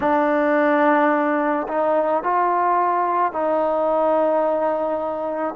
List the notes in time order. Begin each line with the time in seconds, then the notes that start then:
0.00 D4
1.68 D#4
2.23 F4
3.32 D#4